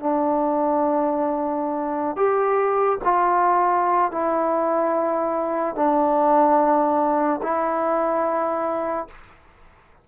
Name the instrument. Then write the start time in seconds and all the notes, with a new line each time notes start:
trombone
0.00 D4
2.16 G4
3.04 F4
4.11 E4
5.75 D4
7.43 E4